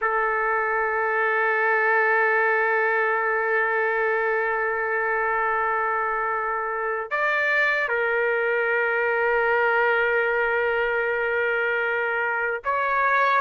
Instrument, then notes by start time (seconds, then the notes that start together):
trumpet
0.01 A4
7.11 D5
7.88 A#4
12.64 C#5